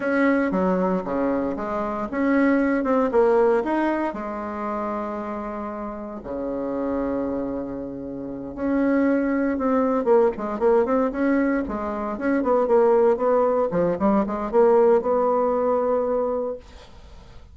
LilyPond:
\new Staff \with { instrumentName = "bassoon" } { \time 4/4 \tempo 4 = 116 cis'4 fis4 cis4 gis4 | cis'4. c'8 ais4 dis'4 | gis1 | cis1~ |
cis8 cis'2 c'4 ais8 | gis8 ais8 c'8 cis'4 gis4 cis'8 | b8 ais4 b4 f8 g8 gis8 | ais4 b2. | }